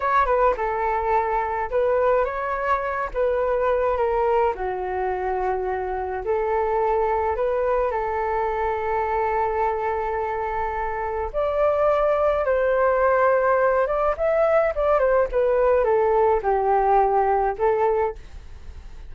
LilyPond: \new Staff \with { instrumentName = "flute" } { \time 4/4 \tempo 4 = 106 cis''8 b'8 a'2 b'4 | cis''4. b'4. ais'4 | fis'2. a'4~ | a'4 b'4 a'2~ |
a'1 | d''2 c''2~ | c''8 d''8 e''4 d''8 c''8 b'4 | a'4 g'2 a'4 | }